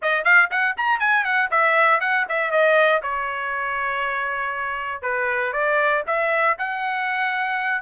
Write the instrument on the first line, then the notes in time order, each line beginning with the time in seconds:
trumpet
0.02 D#5
0.24 F5
0.50 F#5
0.77 A#5
0.99 G#5
1.24 F#5
1.50 E5
2.00 F#5
2.28 E5
2.51 D#5
3.02 C#5
5.02 B4
5.52 D5
6.06 E5
6.58 F#5